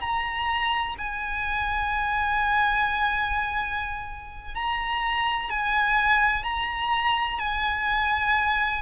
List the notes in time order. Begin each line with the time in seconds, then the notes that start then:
0.00 A#5
0.97 G#5
4.54 A#5
5.50 G#5
6.43 A#5
7.39 G#5